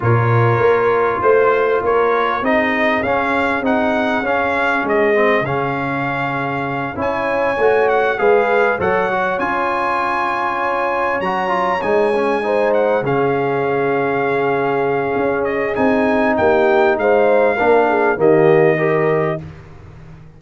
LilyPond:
<<
  \new Staff \with { instrumentName = "trumpet" } { \time 4/4 \tempo 4 = 99 cis''2 c''4 cis''4 | dis''4 f''4 fis''4 f''4 | dis''4 f''2~ f''8 gis''8~ | gis''4 fis''8 f''4 fis''4 gis''8~ |
gis''2~ gis''8 ais''4 gis''8~ | gis''4 fis''8 f''2~ f''8~ | f''4. dis''8 gis''4 g''4 | f''2 dis''2 | }
  \new Staff \with { instrumentName = "horn" } { \time 4/4 ais'2 c''4 ais'4 | gis'1~ | gis'2.~ gis'8 cis''8~ | cis''4. b'4 cis''4.~ |
cis''1~ | cis''8 c''4 gis'2~ gis'8~ | gis'2. g'4 | c''4 ais'8 gis'8 g'4 ais'4 | }
  \new Staff \with { instrumentName = "trombone" } { \time 4/4 f'1 | dis'4 cis'4 dis'4 cis'4~ | cis'8 c'8 cis'2~ cis'8 e'8~ | e'8 fis'4 gis'4 a'8 fis'8 f'8~ |
f'2~ f'8 fis'8 f'8 dis'8 | cis'8 dis'4 cis'2~ cis'8~ | cis'2 dis'2~ | dis'4 d'4 ais4 g'4 | }
  \new Staff \with { instrumentName = "tuba" } { \time 4/4 ais,4 ais4 a4 ais4 | c'4 cis'4 c'4 cis'4 | gis4 cis2~ cis8 cis'8~ | cis'8 a4 gis4 fis4 cis'8~ |
cis'2~ cis'8 fis4 gis8~ | gis4. cis2~ cis8~ | cis4 cis'4 c'4 ais4 | gis4 ais4 dis2 | }
>>